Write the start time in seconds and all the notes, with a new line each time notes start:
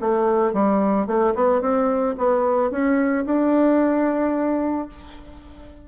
0.00 A3
0.53 G3
1.06 A3
1.34 B3
1.61 C4
2.17 B3
2.71 C#4
3.25 D4